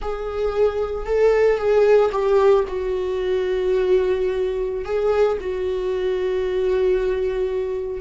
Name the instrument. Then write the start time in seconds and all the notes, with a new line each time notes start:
viola
0.01 G#4
1.06 A4
1.57 G#4
2.11 G4
2.67 F#4
4.84 G#4
5.40 F#4